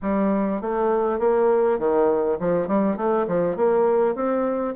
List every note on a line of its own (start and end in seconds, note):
0.02 0.61 G3
0.61 1.19 A3
1.19 1.78 A#3
1.78 2.38 D#3
2.39 2.67 F3
2.67 2.96 G3
2.96 3.26 A3
3.27 3.56 F3
3.56 4.15 A#3
4.15 4.74 C4